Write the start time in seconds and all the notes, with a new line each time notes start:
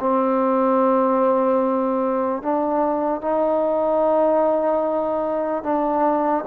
0.00 C4
2.43 D4
3.22 D#4
5.64 D4